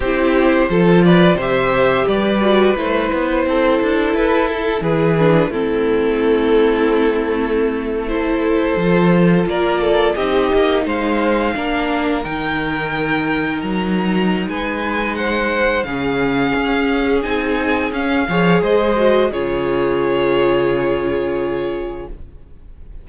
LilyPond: <<
  \new Staff \with { instrumentName = "violin" } { \time 4/4 \tempo 4 = 87 c''4. d''8 e''4 d''4 | c''2 b'8 a'8 b'4 | a'2.~ a'8. c''16~ | c''4.~ c''16 d''4 dis''4 f''16~ |
f''4.~ f''16 g''2 ais''16~ | ais''4 gis''4 fis''4 f''4~ | f''4 gis''4 f''4 dis''4 | cis''1 | }
  \new Staff \with { instrumentName = "violin" } { \time 4/4 g'4 a'8 b'8 c''4 b'4~ | b'4 a'2 gis'4 | e'2.~ e'8. a'16~ | a'4.~ a'16 ais'8 a'8 g'4 c''16~ |
c''8. ais'2.~ ais'16~ | ais'4 b'4 c''4 gis'4~ | gis'2~ gis'8 cis''8 c''4 | gis'1 | }
  \new Staff \with { instrumentName = "viola" } { \time 4/4 e'4 f'4 g'4. fis'8 | e'2.~ e'8 d'8 | c'2.~ c'8. e'16~ | e'8. f'2 dis'4~ dis'16~ |
dis'8. d'4 dis'2~ dis'16~ | dis'2. cis'4~ | cis'4 dis'4 cis'8 gis'4 fis'8 | f'1 | }
  \new Staff \with { instrumentName = "cello" } { \time 4/4 c'4 f4 c4 g4 | a8 b8 c'8 d'8 e'4 e4 | a1~ | a8. f4 ais4 c'8 ais8 gis16~ |
gis8. ais4 dis2 fis16~ | fis4 gis2 cis4 | cis'4 c'4 cis'8 f8 gis4 | cis1 | }
>>